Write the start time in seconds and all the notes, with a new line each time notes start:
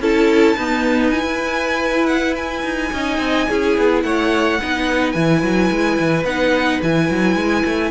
0.00 C#4 E4 A4 A5
0.57 B3 D#4 B4
1.10 E4 G#5
1.24 E4
2.07 F#5
2.36 G#5
2.64 D#4
2.93 C#4 D#4 D#5
3.19 C4
3.49 C#4 E4 G#4
3.78 B3
4.03 A3 C#5 F#5
4.62 B3 D#4 B4
5.12 E3 E4 G#5
5.42 F#3
5.71 G#3
6.00 E3
6.25 B3 D#4 F#5
6.83 E3 E4 G#5
7.10 F#3
7.36 G#3
7.66 A3